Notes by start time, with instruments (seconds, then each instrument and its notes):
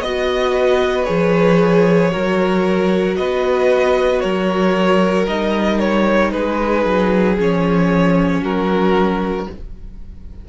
0.00 cello B3, viola F#4, violin D#5
0.53 violin B4
1.04 cello F3, viola G#4, violin C#5
2.11 cello F#3, viola F#4, violin A#4
3.17 cello B3, violin B4 D#5
4.21 cello F#3, violin A#4 C#5
5.27 cello G3, viola D#4, violin D#5
5.79 violin C#5
6.31 cello G#3, violin G#4 B4
6.85 cello F#3
7.37 cello F3, viola C#4, violin C#5
8.41 cello F#3, violin F#4 A#4